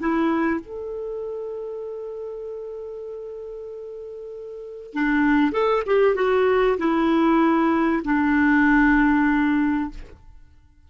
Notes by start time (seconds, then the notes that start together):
0.00 E4
0.61 A4
4.93 D4
5.52 A4
5.87 G4
6.15 F#4
6.79 E4
8.04 D4